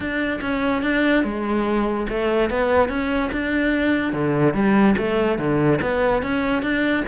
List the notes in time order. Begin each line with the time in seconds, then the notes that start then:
0.00 D4
0.41 C#4
0.82 D4
1.24 G#3
2.09 A3
2.50 B3
2.89 C#4
3.32 D4
4.12 D3
4.53 G3
4.97 A3
5.38 D3
5.81 B3
6.22 C#4
6.62 D4